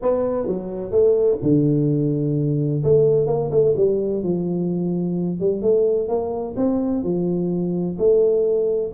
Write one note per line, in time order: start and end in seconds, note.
0.01 0.47 B3
0.47 0.91 F#3
0.91 1.38 A3
1.42 2.83 D3
2.83 3.27 A3
3.27 3.50 A#3
3.51 3.74 A3
3.76 4.23 G3
4.23 5.39 F3
5.39 5.61 G3
5.61 6.08 A3
6.08 6.55 A#3
6.56 7.03 C4
7.03 7.97 F3
7.98 8.92 A3